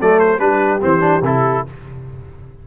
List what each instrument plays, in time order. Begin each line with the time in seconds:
0.00 tuba F#3, trombone A3, horn A4, trumpet D5
0.19 trumpet C5
0.38 tuba G3, trombone D4, horn G4, trumpet B4
0.81 tuba E3, trombone C4, trumpet C5
1.00 trombone D4
1.22 tuba C3, trombone E4, trumpet A4